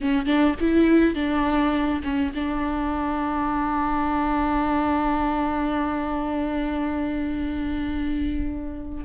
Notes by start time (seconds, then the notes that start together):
0.01 C#4
0.25 D4
0.60 E4
1.14 D4
2.03 C#4
2.34 D4